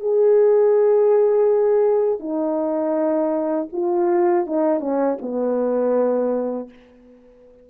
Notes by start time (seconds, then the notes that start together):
0.00 G#4
2.20 D#4
3.72 F4
4.46 D#4
4.80 C#4
5.22 B3